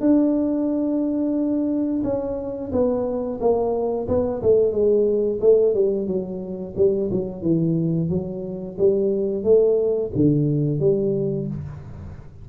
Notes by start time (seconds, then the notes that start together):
0.00 D4
2.03 C#4
2.72 B3
3.40 A#3
4.08 B3
4.42 A3
4.72 G#3
5.41 A3
5.75 G3
6.07 F#3
6.76 G3
7.11 F#3
7.42 E3
8.09 F#3
8.78 G3
9.44 A3
10.15 D3
10.80 G3